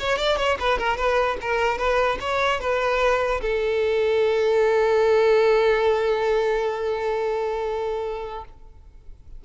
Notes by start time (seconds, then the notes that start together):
0.00 C#5
0.19 D5
0.38 C#5
0.60 B4
0.79 A#4
0.97 B4
1.42 A#4
1.78 B4
2.21 C#5
2.61 B4
3.42 A4